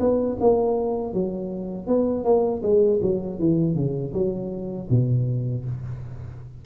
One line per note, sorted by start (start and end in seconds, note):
0.00 0.38 B3
0.41 1.14 A#3
1.14 1.87 F#3
1.87 2.25 B3
2.25 2.62 A#3
2.63 3.00 G#3
3.02 3.40 F#3
3.40 3.76 E3
3.76 4.13 C#3
4.14 4.89 F#3
4.91 5.66 B2